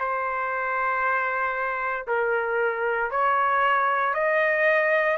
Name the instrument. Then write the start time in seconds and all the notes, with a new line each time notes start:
trumpet
0.00 C5
2.07 A#4
3.11 C#5
4.14 D#5